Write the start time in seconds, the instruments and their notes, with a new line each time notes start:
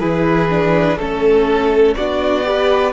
0.00 cello E3, viola E4, violin G#4 B4
0.50 viola D4
0.97 cello A3, viola C#4, violin A4
1.95 cello B3, viola D4, violin F#4 D5
2.44 viola G4, violin B4